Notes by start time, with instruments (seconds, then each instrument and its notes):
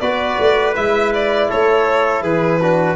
0.00 tuba B3, trombone F#4, trumpet B4, violin D5
0.39 tuba A3
0.75 tuba G#3, trombone E4, violin E5
1.13 violin D5
1.49 tuba A3, trumpet A4, violin C#5
2.22 tuba E3, trumpet G#4, violin B4
2.61 trombone D4, trumpet F#4